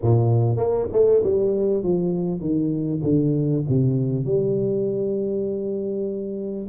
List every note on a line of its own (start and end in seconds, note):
0.02 0.56 A#2
0.56 0.87 A#3
0.92 1.22 A3
1.23 1.83 G3
1.83 2.40 F3
2.40 3.01 D#3
3.03 3.63 D3
3.68 4.25 C3
4.25 6.67 G3